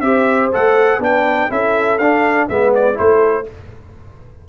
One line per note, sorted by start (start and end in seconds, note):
0.00 0.50 C4
0.00 0.52 G4
0.00 1.01 C5
0.00 0.49 E5
0.52 0.98 A3
0.52 1.00 A4
0.52 1.03 F#5
0.98 1.48 B3
0.98 1.49 D4
0.98 1.50 B4
0.98 1.51 G5
1.49 1.99 C#4
1.49 1.99 E4
1.49 2.48 A4
1.49 1.98 E5
1.98 2.48 D4
1.98 2.50 D4
1.98 2.47 F5
2.48 2.98 G#3
2.48 2.94 B3
2.48 2.97 B4
2.48 2.73 E5
2.74 2.98 D5
2.94 3.48 A3
2.94 3.43 E4
2.94 3.47 A4
2.94 3.47 C5